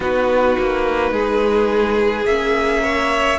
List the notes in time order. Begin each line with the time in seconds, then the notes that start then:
0.00 B3 D#4 F#4 B4
0.58 A#3
1.11 G#3 G#4
2.24 A#3 C#4 E5
2.82 C#5